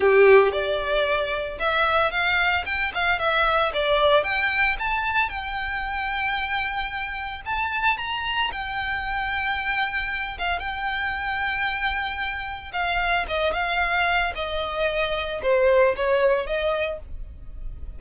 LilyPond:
\new Staff \with { instrumentName = "violin" } { \time 4/4 \tempo 4 = 113 g'4 d''2 e''4 | f''4 g''8 f''8 e''4 d''4 | g''4 a''4 g''2~ | g''2 a''4 ais''4 |
g''2.~ g''8 f''8 | g''1 | f''4 dis''8 f''4. dis''4~ | dis''4 c''4 cis''4 dis''4 | }